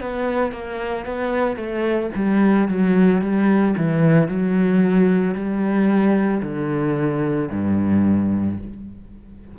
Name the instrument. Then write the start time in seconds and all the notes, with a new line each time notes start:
cello
0.00 B3
0.52 A#3
1.05 B3
1.56 A3
2.15 G3
2.67 F#3
3.21 G3
3.77 E3
4.28 F#3
5.34 G3
6.42 D3
7.51 G2